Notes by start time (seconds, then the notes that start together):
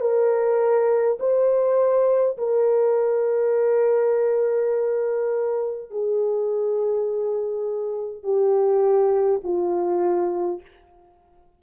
0.00 A#4
1.19 C5
2.37 A#4
5.90 G#4
8.23 G4
9.43 F4